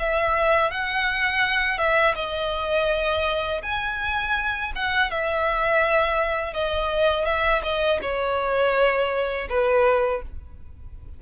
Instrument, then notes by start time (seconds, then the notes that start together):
violin
0.00 E5
0.72 F#5
1.79 E5
2.16 D#5
3.63 G#5
4.76 F#5
5.11 E5
6.54 D#5
7.26 E5
7.64 D#5
8.02 C#5
9.50 B4